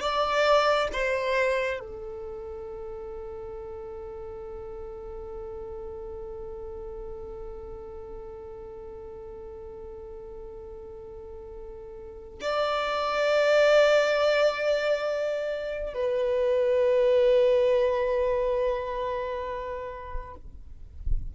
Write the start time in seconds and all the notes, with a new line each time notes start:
0.00 D5
0.93 C5
1.80 A4
12.41 D5
15.94 B4